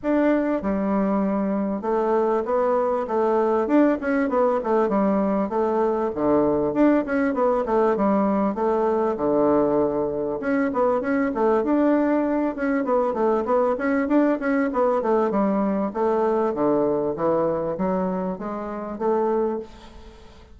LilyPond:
\new Staff \with { instrumentName = "bassoon" } { \time 4/4 \tempo 4 = 98 d'4 g2 a4 | b4 a4 d'8 cis'8 b8 a8 | g4 a4 d4 d'8 cis'8 | b8 a8 g4 a4 d4~ |
d4 cis'8 b8 cis'8 a8 d'4~ | d'8 cis'8 b8 a8 b8 cis'8 d'8 cis'8 | b8 a8 g4 a4 d4 | e4 fis4 gis4 a4 | }